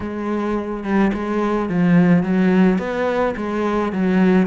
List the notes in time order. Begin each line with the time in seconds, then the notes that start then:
0.00 G#3
0.83 G3
1.13 G#3
1.69 F3
2.23 F#3
2.78 B3
3.36 G#3
3.92 F#3